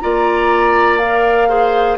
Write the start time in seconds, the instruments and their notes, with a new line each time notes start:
0.00 bassoon A#3, clarinet F4, oboe D5, flute A#5
0.98 clarinet A#4, flute F5
1.49 clarinet G#4, oboe C5